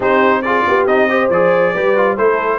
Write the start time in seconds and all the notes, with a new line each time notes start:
0.00 C4 D#4 G4 C5
0.42 F4 G#4 D5
0.67 B3 G4
0.86 C4 D#4 D#5
1.09 G4 C5
1.29 F3 G#4 D5
1.73 G3 G4 B4
1.96 F4
2.17 A3 E4 A4 C5